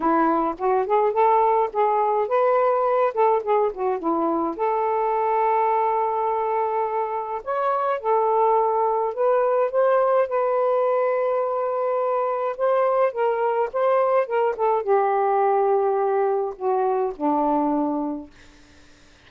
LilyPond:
\new Staff \with { instrumentName = "saxophone" } { \time 4/4 \tempo 4 = 105 e'4 fis'8 gis'8 a'4 gis'4 | b'4. a'8 gis'8 fis'8 e'4 | a'1~ | a'4 cis''4 a'2 |
b'4 c''4 b'2~ | b'2 c''4 ais'4 | c''4 ais'8 a'8 g'2~ | g'4 fis'4 d'2 | }